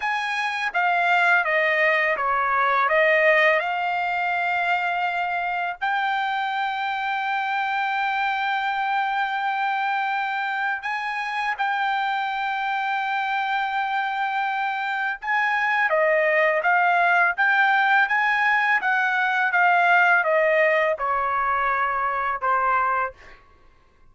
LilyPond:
\new Staff \with { instrumentName = "trumpet" } { \time 4/4 \tempo 4 = 83 gis''4 f''4 dis''4 cis''4 | dis''4 f''2. | g''1~ | g''2. gis''4 |
g''1~ | g''4 gis''4 dis''4 f''4 | g''4 gis''4 fis''4 f''4 | dis''4 cis''2 c''4 | }